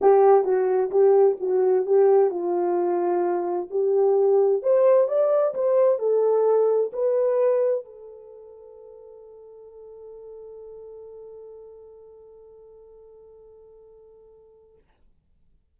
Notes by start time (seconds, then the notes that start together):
0.01 G4
0.44 F#4
0.90 G4
1.40 F#4
1.86 G4
2.30 F4
3.70 G4
4.62 C5
5.07 D5
5.54 C5
5.99 A4
6.92 B4
7.84 A4